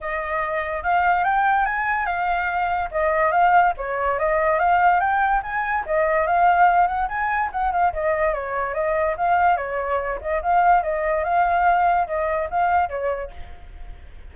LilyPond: \new Staff \with { instrumentName = "flute" } { \time 4/4 \tempo 4 = 144 dis''2 f''4 g''4 | gis''4 f''2 dis''4 | f''4 cis''4 dis''4 f''4 | g''4 gis''4 dis''4 f''4~ |
f''8 fis''8 gis''4 fis''8 f''8 dis''4 | cis''4 dis''4 f''4 cis''4~ | cis''8 dis''8 f''4 dis''4 f''4~ | f''4 dis''4 f''4 cis''4 | }